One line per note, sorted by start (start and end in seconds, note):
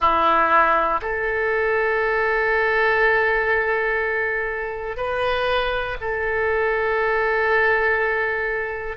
0.00 1.00 E4
1.01 4.96 A4
4.96 5.96 B4
6.00 8.96 A4